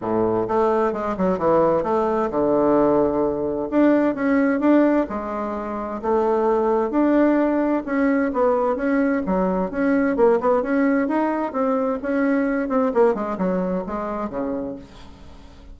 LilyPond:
\new Staff \with { instrumentName = "bassoon" } { \time 4/4 \tempo 4 = 130 a,4 a4 gis8 fis8 e4 | a4 d2. | d'4 cis'4 d'4 gis4~ | gis4 a2 d'4~ |
d'4 cis'4 b4 cis'4 | fis4 cis'4 ais8 b8 cis'4 | dis'4 c'4 cis'4. c'8 | ais8 gis8 fis4 gis4 cis4 | }